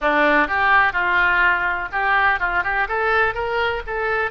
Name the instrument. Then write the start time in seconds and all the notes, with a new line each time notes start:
oboe
0.01 D4
0.47 G4
0.93 F4
1.91 G4
2.39 F4
2.63 G4
2.88 A4
3.34 A#4
3.86 A4